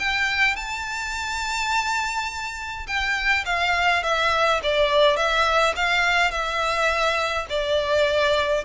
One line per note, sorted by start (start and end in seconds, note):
0.00 0.56 G5
0.56 2.87 A5
2.87 3.45 G5
3.46 4.03 F5
4.03 4.61 E5
4.63 5.17 D5
5.17 5.75 E5
5.76 6.31 F5
6.31 7.47 E5
7.50 8.65 D5